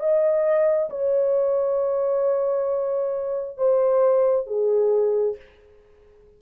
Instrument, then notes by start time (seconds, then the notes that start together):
horn
0.00 D#5
0.90 C#5
3.58 C5
4.47 G#4